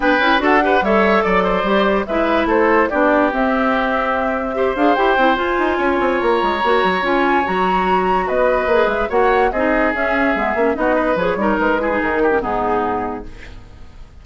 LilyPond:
<<
  \new Staff \with { instrumentName = "flute" } { \time 4/4 \tempo 4 = 145 g''4 fis''4 e''4 d''4~ | d''4 e''4 c''4 d''4 | e''2.~ e''8 f''8 | g''4 gis''2 ais''4~ |
ais''4 gis''4 ais''2 | dis''4. e''8 fis''4 dis''4 | e''2 dis''4 cis''4 | b'4 ais'4 gis'2 | }
  \new Staff \with { instrumentName = "oboe" } { \time 4/4 b'4 a'8 b'8 cis''4 d''8 c''8~ | c''4 b'4 a'4 g'4~ | g'2. c''4~ | c''2 cis''2~ |
cis''1 | b'2 cis''4 gis'4~ | gis'2 fis'8 b'4 ais'8~ | ais'8 gis'4 g'8 dis'2 | }
  \new Staff \with { instrumentName = "clarinet" } { \time 4/4 d'8 e'8 fis'8 g'8 a'2 | g'4 e'2 d'4 | c'2. g'8 gis'8 | g'8 e'8 f'2. |
fis'4 f'4 fis'2~ | fis'4 gis'4 fis'4 dis'4 | cis'4 b8 cis'8 dis'4 gis'8 dis'8~ | dis'8 e'16 dis'4 cis'16 b2 | }
  \new Staff \with { instrumentName = "bassoon" } { \time 4/4 b8 cis'8 d'4 g4 fis4 | g4 gis4 a4 b4 | c'2.~ c'8 d'8 | e'8 c'8 f'8 dis'8 cis'8 c'8 ais8 gis8 |
ais8 fis8 cis'4 fis2 | b4 ais8 gis8 ais4 c'4 | cis'4 gis8 ais8 b4 f8 g8 | gis4 dis4 gis,2 | }
>>